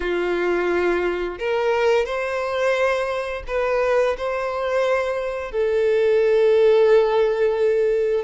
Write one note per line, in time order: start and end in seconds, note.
0.00 1.38 F4
1.38 2.05 A#4
2.05 3.43 C5
3.47 4.16 B4
4.17 5.51 C5
5.51 8.24 A4